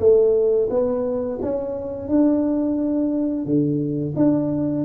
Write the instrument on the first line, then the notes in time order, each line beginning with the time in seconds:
tuba
0.00 A3
0.70 B3
1.42 C#4
2.08 D4
3.45 D3
4.16 D4